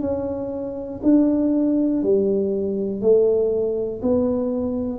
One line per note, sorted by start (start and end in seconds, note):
0.00 1.00 C#4
1.03 2.03 D4
2.03 3.01 G3
3.01 4.01 A3
4.02 4.99 B3